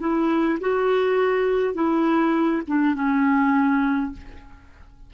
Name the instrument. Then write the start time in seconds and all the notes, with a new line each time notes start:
clarinet
0.00 E4
0.60 F#4
1.74 E4
2.67 D4
2.95 C#4